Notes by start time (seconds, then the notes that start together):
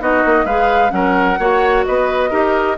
0.00 B3 D#4 F#4 D#5
0.26 A#3
0.45 G#3 G#4 B4 F5
0.89 F#3 C#4 A#4 F#5
1.39 A#3 F#4 C#5
1.85 B3 B4 D#5
2.30 D#4 G4 A#4